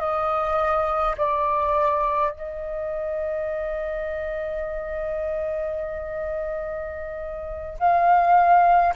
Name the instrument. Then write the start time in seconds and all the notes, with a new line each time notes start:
flute
0.00 D#5
1.18 D5
2.31 D#5
7.79 F5